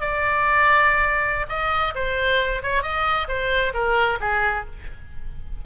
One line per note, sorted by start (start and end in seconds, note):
0.00 1.46 D5
1.49 1.94 D#5
1.95 2.62 C5
2.62 2.82 C#5
2.82 3.27 D#5
3.28 3.73 C5
3.73 4.18 A#4
4.20 4.65 G#4